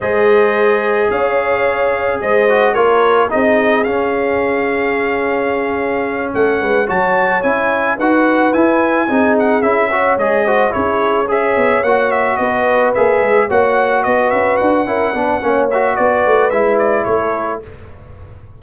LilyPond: <<
  \new Staff \with { instrumentName = "trumpet" } { \time 4/4 \tempo 4 = 109 dis''2 f''2 | dis''4 cis''4 dis''4 f''4~ | f''2.~ f''8 fis''8~ | fis''8 a''4 gis''4 fis''4 gis''8~ |
gis''4 fis''8 e''4 dis''4 cis''8~ | cis''8 e''4 fis''8 e''8 dis''4 e''8~ | e''8 fis''4 dis''8 e''8 fis''4.~ | fis''8 e''8 d''4 e''8 d''8 cis''4 | }
  \new Staff \with { instrumentName = "horn" } { \time 4/4 c''2 cis''2 | c''4 ais'4 gis'2~ | gis'2.~ gis'8 a'8 | b'8 cis''2 b'4.~ |
b'8 gis'4. cis''4 c''8 gis'8~ | gis'8 cis''2 b'4.~ | b'8 cis''4 b'4. ais'8 b'8 | cis''4 b'2 a'4 | }
  \new Staff \with { instrumentName = "trombone" } { \time 4/4 gis'1~ | gis'8 fis'8 f'4 dis'4 cis'4~ | cis'1~ | cis'8 fis'4 e'4 fis'4 e'8~ |
e'8 dis'4 e'8 fis'8 gis'8 fis'8 e'8~ | e'8 gis'4 fis'2 gis'8~ | gis'8 fis'2~ fis'8 e'8 d'8 | cis'8 fis'4. e'2 | }
  \new Staff \with { instrumentName = "tuba" } { \time 4/4 gis2 cis'2 | gis4 ais4 c'4 cis'4~ | cis'2.~ cis'8 a8 | gis8 fis4 cis'4 dis'4 e'8~ |
e'8 c'4 cis'4 gis4 cis'8~ | cis'4 b8 ais4 b4 ais8 | gis8 ais4 b8 cis'8 d'8 cis'8 b8 | ais4 b8 a8 gis4 a4 | }
>>